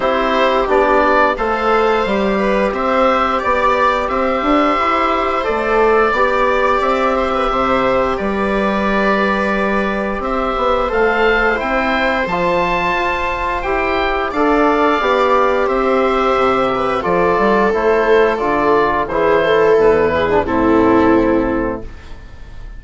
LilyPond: <<
  \new Staff \with { instrumentName = "oboe" } { \time 4/4 \tempo 4 = 88 c''4 d''4 f''2 | e''4 d''4 e''2 | d''2 e''2 | d''2. e''4 |
f''4 g''4 a''2 | g''4 f''2 e''4~ | e''4 d''4 c''4 d''4 | c''4 b'4 a'2 | }
  \new Staff \with { instrumentName = "viola" } { \time 4/4 g'2 c''4. b'8 | c''4 d''4 c''2~ | c''4 d''4. c''16 b'16 c''4 | b'2. c''4~ |
c''1~ | c''4 d''2 c''4~ | c''8 b'8 a'2. | gis'8 a'4 gis'8 e'2 | }
  \new Staff \with { instrumentName = "trombone" } { \time 4/4 e'4 d'4 a'4 g'4~ | g'1 | a'4 g'2.~ | g'1 |
a'4 e'4 f'2 | g'4 a'4 g'2~ | g'4 f'4 e'4 f'4 | e'4.~ e'16 d'16 c'2 | }
  \new Staff \with { instrumentName = "bassoon" } { \time 4/4 c'4 b4 a4 g4 | c'4 b4 c'8 d'8 e'4 | a4 b4 c'4 c4 | g2. c'8 b8 |
a4 c'4 f4 f'4 | e'4 d'4 b4 c'4 | c4 f8 g8 a4 d4 | e4 e,4 a,2 | }
>>